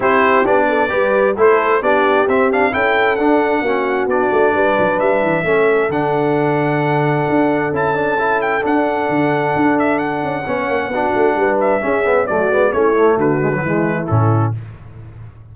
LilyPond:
<<
  \new Staff \with { instrumentName = "trumpet" } { \time 4/4 \tempo 4 = 132 c''4 d''2 c''4 | d''4 e''8 f''8 g''4 fis''4~ | fis''4 d''2 e''4~ | e''4 fis''2.~ |
fis''4 a''4. g''8 fis''4~ | fis''4. e''8 fis''2~ | fis''4. e''4. d''4 | cis''4 b'2 a'4 | }
  \new Staff \with { instrumentName = "horn" } { \time 4/4 g'4. a'8 b'4 a'4 | g'2 a'2 | fis'2 b'2 | a'1~ |
a'1~ | a'2. cis''4 | fis'4 b'4 gis'4 fis'4 | e'4 fis'4 e'2 | }
  \new Staff \with { instrumentName = "trombone" } { \time 4/4 e'4 d'4 g'4 e'4 | d'4 c'8 d'8 e'4 d'4 | cis'4 d'2. | cis'4 d'2.~ |
d'4 e'8 d'8 e'4 d'4~ | d'2. cis'4 | d'2 cis'8 b8 a8 b8 | cis'8 a4 gis16 fis16 gis4 cis'4 | }
  \new Staff \with { instrumentName = "tuba" } { \time 4/4 c'4 b4 g4 a4 | b4 c'4 cis'4 d'4 | ais4 b8 a8 g8 fis8 g8 e8 | a4 d2. |
d'4 cis'2 d'4 | d4 d'4. cis'8 b8 ais8 | b8 a8 g4 cis'4 fis8 gis8 | a4 d4 e4 a,4 | }
>>